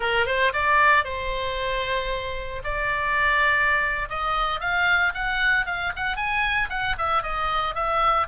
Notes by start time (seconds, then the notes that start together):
0.00 A#4
0.26 C5
0.53 D5
1.04 C5
2.64 D5
4.09 D#5
4.60 F5
5.14 F#5
5.66 F5
5.96 F#5
6.16 G#5
6.69 F#5
6.98 E5
7.22 D#5
7.74 E5